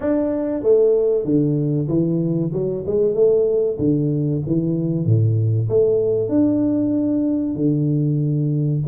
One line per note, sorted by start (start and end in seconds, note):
0.00 0.63 D4
0.63 1.24 A3
1.24 1.87 D3
1.88 2.51 E3
2.52 2.84 F#3
2.86 3.14 G#3
3.14 3.77 A3
3.78 4.41 D3
4.46 5.05 E3
5.05 5.68 A2
5.69 6.28 A3
6.28 7.55 D4
7.55 8.81 D3